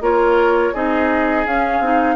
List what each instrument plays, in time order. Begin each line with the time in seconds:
0.00 bassoon A#3, clarinet F4, oboe A#4, flute C#5
0.73 bassoon C4, clarinet D#4, oboe G#4, flute D#5
1.46 bassoon C#4, clarinet C#4, flute F5
1.79 bassoon C4, clarinet D#4